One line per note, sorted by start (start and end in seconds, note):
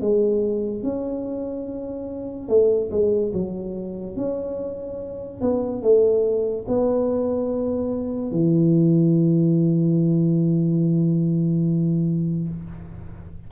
0.00 0.83 G#3
0.83 2.48 C#4
2.48 2.90 A3
2.91 3.32 G#3
3.33 4.16 F#3
4.16 5.41 C#4
5.41 5.82 B3
5.82 6.65 A3
6.67 8.31 B3
8.31 12.48 E3